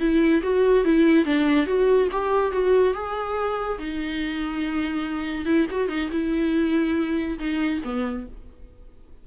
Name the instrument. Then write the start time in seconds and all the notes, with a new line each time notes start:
viola
0.00 E4
0.43 F#4
0.85 E4
1.25 D4
1.66 F#4
2.12 G4
2.52 F#4
2.94 G#4
3.79 D#4
5.46 E4
5.71 F#4
5.89 D#4
6.12 E4
7.39 D#4
7.84 B3